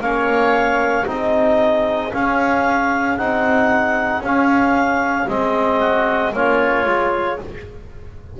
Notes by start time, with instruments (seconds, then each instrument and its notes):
0.00 double bass A#3, trombone C#4, oboe C#5, clarinet F5
1.05 double bass C4, trombone D#4, oboe G#4, clarinet D#5
2.13 double bass C#4, trombone C#4, clarinet F5
3.17 double bass C4, trombone D#4, clarinet F#5
4.19 double bass C#4, trombone C#4, clarinet F5
5.28 double bass G#3, trombone C4, clarinet D#5
5.79 oboe F#4
6.33 double bass A#3, trombone C#4, oboe F4, clarinet C#5
6.86 double bass G#3, trombone F4